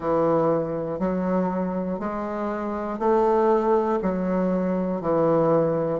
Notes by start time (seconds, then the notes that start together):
0.00 E3
0.99 F#3
1.99 G#3
2.99 A3
4.02 F#3
5.01 E3